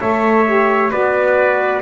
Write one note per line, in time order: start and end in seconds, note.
0.00 0.92 A3
0.00 0.45 A4
0.00 0.91 C#5
0.00 0.91 E5
0.45 0.91 G4
0.91 1.82 B3
0.91 1.82 F#4
0.91 1.81 B4
0.91 1.82 D5